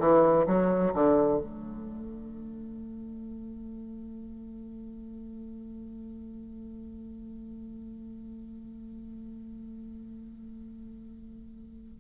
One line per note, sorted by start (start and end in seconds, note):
0.00 0.46 E3
0.47 0.93 F#3
0.94 1.40 D3
1.40 12.00 A3